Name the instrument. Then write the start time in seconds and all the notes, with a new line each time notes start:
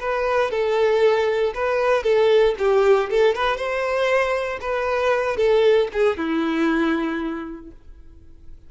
violin
0.00 B4
0.51 A4
1.54 B4
2.03 A4
2.58 G4
3.10 A4
3.35 B4
3.57 C5
4.61 B4
5.37 A4
5.93 G#4
6.17 E4